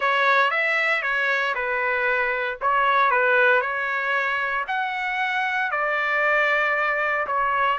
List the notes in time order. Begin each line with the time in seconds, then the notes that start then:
0.00 C#5
0.51 E5
1.02 C#5
1.54 B4
2.61 C#5
3.10 B4
3.61 C#5
4.67 F#5
5.71 D5
7.26 C#5